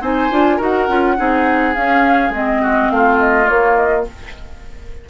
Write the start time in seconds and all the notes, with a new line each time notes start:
0.00 C4 D#4 C5 G#5
0.31 D4 F4
0.56 D#4 F#4 A#4
0.63 F#5
0.88 C#4 F4
1.16 C4 D#4 G#4
1.74 C#4 F5
2.29 G#3 C4 D#5
2.62 F#4
2.89 A3 F4 F5
3.19 D#5
3.44 A#3 C#5
3.76 D#5